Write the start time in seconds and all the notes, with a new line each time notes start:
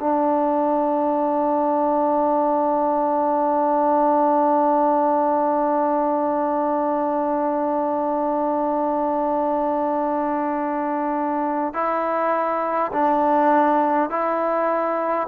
0.00 D4
11.74 E4
12.93 D4
14.10 E4